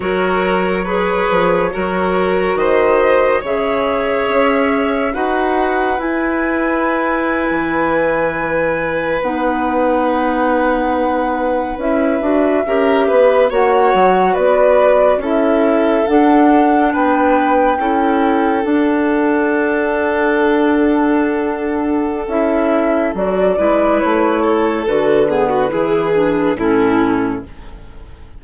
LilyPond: <<
  \new Staff \with { instrumentName = "flute" } { \time 4/4 \tempo 4 = 70 cis''2. dis''4 | e''2 fis''4 gis''4~ | gis''2~ gis''8. fis''4~ fis''16~ | fis''4.~ fis''16 e''2 fis''16~ |
fis''8. d''4 e''4 fis''4 g''16~ | g''4.~ g''16 fis''2~ fis''16~ | fis''2 e''4 d''4 | cis''4 b'2 a'4 | }
  \new Staff \with { instrumentName = "violin" } { \time 4/4 ais'4 b'4 ais'4 c''4 | cis''2 b'2~ | b'1~ | b'2~ b'8. ais'8 b'8 cis''16~ |
cis''8. b'4 a'2 b'16~ | b'8. a'2.~ a'16~ | a'2.~ a'8 b'8~ | b'8 a'4 gis'16 fis'16 gis'4 e'4 | }
  \new Staff \with { instrumentName = "clarinet" } { \time 4/4 fis'4 gis'4 fis'2 | gis'2 fis'4 e'4~ | e'2~ e'8. dis'4~ dis'16~ | dis'4.~ dis'16 e'8 fis'8 g'4 fis'16~ |
fis'4.~ fis'16 e'4 d'4~ d'16~ | d'8. e'4 d'2~ d'16~ | d'2 e'4 fis'8 e'8~ | e'4 fis'8 b8 e'8 d'8 cis'4 | }
  \new Staff \with { instrumentName = "bassoon" } { \time 4/4 fis4. f8 fis4 dis4 | cis4 cis'4 dis'4 e'4~ | e'8. e2 b4~ b16~ | b4.~ b16 cis'8 d'8 cis'8 b8 ais16~ |
ais16 fis8 b4 cis'4 d'4 b16~ | b8. cis'4 d'2~ d'16~ | d'2 cis'4 fis8 gis8 | a4 d4 e4 a,4 | }
>>